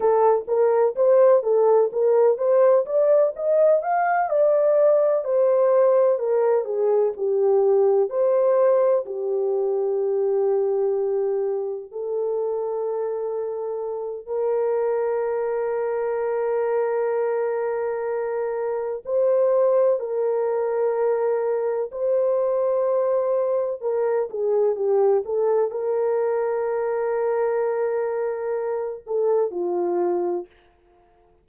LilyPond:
\new Staff \with { instrumentName = "horn" } { \time 4/4 \tempo 4 = 63 a'8 ais'8 c''8 a'8 ais'8 c''8 d''8 dis''8 | f''8 d''4 c''4 ais'8 gis'8 g'8~ | g'8 c''4 g'2~ g'8~ | g'8 a'2~ a'8 ais'4~ |
ais'1 | c''4 ais'2 c''4~ | c''4 ais'8 gis'8 g'8 a'8 ais'4~ | ais'2~ ais'8 a'8 f'4 | }